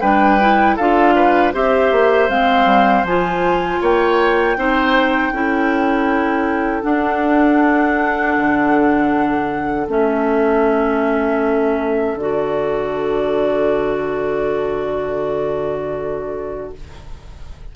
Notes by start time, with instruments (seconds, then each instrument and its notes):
0.00 bassoon G3, clarinet D4, oboe B4, flute G5
0.40 clarinet E4
0.76 bassoon D4, clarinet F4, oboe A4, flute F5
1.15 oboe B4
1.53 bassoon C4, clarinet G4, oboe C5, flute E5
1.91 bassoon A#3
2.28 bassoon G#3, clarinet C4, flute F5
2.65 bassoon G3
3.03 bassoon F3, clarinet F4, flute G#5
3.81 bassoon A#3, oboe C#5, flute G5
4.56 bassoon C4, clarinet D#4, oboe C5
5.31 bassoon C#4, clarinet E4, oboe A4
6.82 clarinet D4, bassoon D4, flute F#5
8.37 bassoon D3
9.87 bassoon A3, clarinet C#4, flute E5
12.15 bassoon D3, clarinet F#4, flute D5